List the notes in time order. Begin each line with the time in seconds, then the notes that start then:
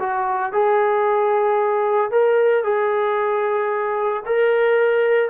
0.00 F#4
0.53 G#4
2.11 A#4
2.64 G#4
4.26 A#4